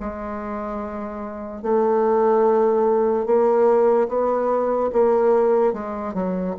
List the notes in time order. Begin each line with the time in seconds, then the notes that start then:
0.00 G#3
1.62 A3
3.26 A#3
4.08 B3
4.93 A#3
5.73 G#3
6.14 F#3